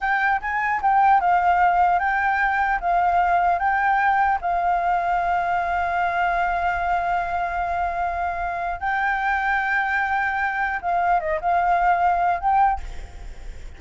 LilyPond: \new Staff \with { instrumentName = "flute" } { \time 4/4 \tempo 4 = 150 g''4 gis''4 g''4 f''4~ | f''4 g''2 f''4~ | f''4 g''2 f''4~ | f''1~ |
f''1~ | f''2 g''2~ | g''2. f''4 | dis''8 f''2~ f''8 g''4 | }